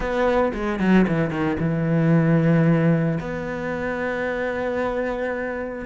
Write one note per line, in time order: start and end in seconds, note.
0.00 0.52 B3
0.53 0.79 G#3
0.79 1.06 F#3
1.07 1.30 E3
1.30 1.57 D#3
1.59 3.18 E3
3.20 5.85 B3